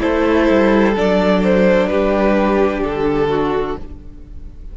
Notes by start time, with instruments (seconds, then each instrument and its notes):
0.00 cello A3, viola E4, violin A4 C5
0.50 cello G3
0.96 cello F#3, viola D4, violin D5
1.44 violin C5
1.87 cello G3, violin G4 B4
2.82 cello D3, violin A4
3.29 violin F#4